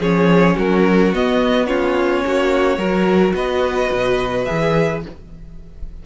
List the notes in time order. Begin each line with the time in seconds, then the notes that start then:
0.00 F3 C#4 G#4 C#5
0.56 F#3 F#4 A#4
1.13 B3 D#5
1.66 C#4 F4 C#5
2.26 A#3 F#4
2.78 F#3 F#4 A#4
3.34 B3 B4 D#5
3.92 B2
4.45 E3 G#4 E5